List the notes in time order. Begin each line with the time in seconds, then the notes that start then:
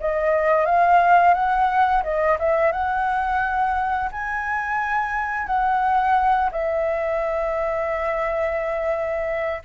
0.00 D#5
0.66 F5
1.34 F#5
2.03 D#5
2.39 E5
2.72 F#5
4.11 G#5
5.46 F#5
6.51 E5